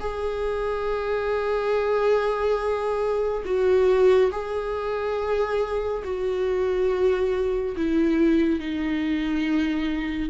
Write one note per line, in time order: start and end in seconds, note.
0.00 3.43 G#4
3.45 4.31 F#4
4.31 6.03 G#4
6.04 7.75 F#4
7.76 8.59 E4
8.59 10.30 D#4